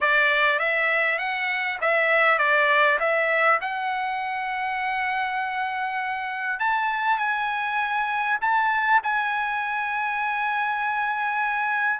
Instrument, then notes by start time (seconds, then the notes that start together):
trumpet
0.01 D5
0.59 E5
1.18 F#5
1.81 E5
2.38 D5
2.99 E5
3.61 F#5
6.59 A5
7.18 G#5
8.41 A5
9.03 G#5